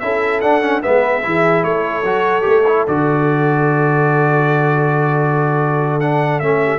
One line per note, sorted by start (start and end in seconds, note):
0.00 0.43 C#4
0.00 0.43 E4
0.00 0.84 A4
0.00 0.41 E5
0.41 0.62 D4
0.41 0.84 D4
0.41 0.82 F#5
0.62 0.82 C#4
0.83 1.25 G#3
0.83 1.23 B3
0.83 1.24 B4
0.83 1.64 E5
1.23 1.64 E3
1.23 2.04 E4
1.23 1.67 G#4
1.64 2.04 A3
1.64 6.64 A4
1.64 2.86 C#5
2.04 2.44 F#3
2.04 2.42 F#4
2.42 2.87 A3
2.42 2.62 G4
2.67 2.88 E4
2.88 6.42 D3
2.88 6.02 F#4
2.88 6.00 D5
6.00 6.42 D4
6.00 6.40 F#5
6.40 6.79 A3
6.40 6.79 C#4
6.40 6.79 E5
6.64 6.79 G4